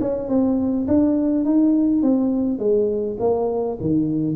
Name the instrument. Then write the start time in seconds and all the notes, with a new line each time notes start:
tuba
0.00 C#4
0.28 C4
0.87 D4
1.44 D#4
2.02 C4
2.58 G#3
3.19 A#3
3.80 D#3